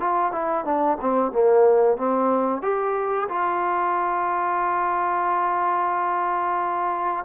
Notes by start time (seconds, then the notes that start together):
0.00 F4
0.32 E4
0.65 D4
1.01 C4
1.32 A#3
1.97 C4
2.62 G4
3.29 F4